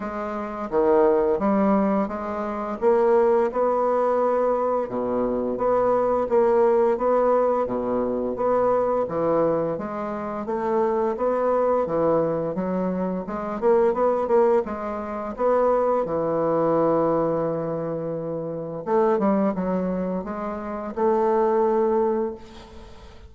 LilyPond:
\new Staff \with { instrumentName = "bassoon" } { \time 4/4 \tempo 4 = 86 gis4 dis4 g4 gis4 | ais4 b2 b,4 | b4 ais4 b4 b,4 | b4 e4 gis4 a4 |
b4 e4 fis4 gis8 ais8 | b8 ais8 gis4 b4 e4~ | e2. a8 g8 | fis4 gis4 a2 | }